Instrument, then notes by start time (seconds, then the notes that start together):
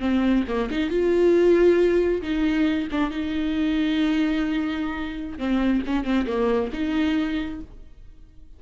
viola
0.00 C4
0.48 A#3
0.71 D#4
0.90 F4
2.22 D#4
2.92 D4
3.11 D#4
5.38 C4
5.86 C#4
6.04 C4
6.27 A#3
6.73 D#4